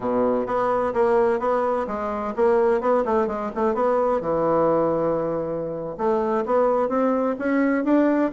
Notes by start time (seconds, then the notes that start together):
0.00 B2
0.46 B3
0.93 A#3
1.39 B3
1.87 G#3
2.35 A#3
2.80 B3
3.05 A3
3.27 G#3
3.55 A3
3.74 B3
4.20 E3
5.97 A3
6.45 B3
6.88 C4
7.38 C#4
7.84 D4